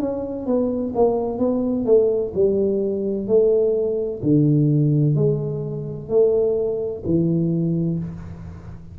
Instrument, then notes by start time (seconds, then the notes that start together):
tuba
0.00 C#4
0.46 B3
0.95 A#3
1.38 B3
1.85 A3
2.34 G3
3.27 A3
4.23 D3
5.16 G#3
6.09 A3
7.05 E3